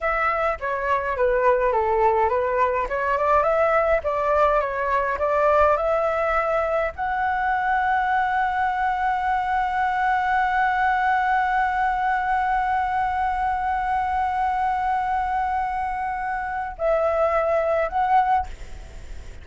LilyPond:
\new Staff \with { instrumentName = "flute" } { \time 4/4 \tempo 4 = 104 e''4 cis''4 b'4 a'4 | b'4 cis''8 d''8 e''4 d''4 | cis''4 d''4 e''2 | fis''1~ |
fis''1~ | fis''1~ | fis''1~ | fis''4 e''2 fis''4 | }